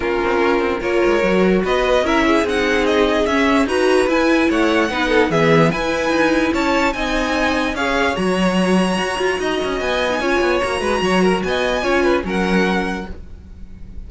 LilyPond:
<<
  \new Staff \with { instrumentName = "violin" } { \time 4/4 \tempo 4 = 147 ais'2 cis''2 | dis''4 e''4 fis''4 dis''4 | e''4 ais''4 gis''4 fis''4~ | fis''4 e''4 gis''2 |
a''4 gis''2 f''4 | ais''1 | gis''2 ais''2 | gis''2 fis''2 | }
  \new Staff \with { instrumentName = "violin" } { \time 4/4 f'2 ais'2 | b'4 ais'8 gis'2~ gis'8~ | gis'4 b'2 cis''4 | b'8 a'8 gis'4 b'2 |
cis''4 dis''2 cis''4~ | cis''2. dis''4~ | dis''4 cis''4. b'8 cis''8 ais'8 | dis''4 cis''8 b'8 ais'2 | }
  \new Staff \with { instrumentName = "viola" } { \time 4/4 cis'2 f'4 fis'4~ | fis'4 e'4 dis'2 | cis'4 fis'4 e'2 | dis'4 b4 e'2~ |
e'4 dis'2 gis'4 | fis'1~ | fis'8. dis'16 f'4 fis'2~ | fis'4 f'4 cis'2 | }
  \new Staff \with { instrumentName = "cello" } { \time 4/4 ais8 c'8 cis'8 c'8 ais8 gis8 fis4 | b4 cis'4 c'2 | cis'4 dis'4 e'4 a4 | b4 e4 e'4 dis'4 |
cis'4 c'2 cis'4 | fis2 fis'8 f'8 dis'8 cis'8 | b4 cis'8 b8 ais8 gis8 fis4 | b4 cis'4 fis2 | }
>>